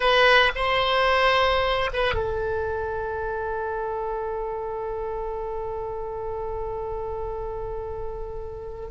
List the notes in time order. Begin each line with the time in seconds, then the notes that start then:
0.00 B4
0.55 C5
1.93 B4
2.14 A4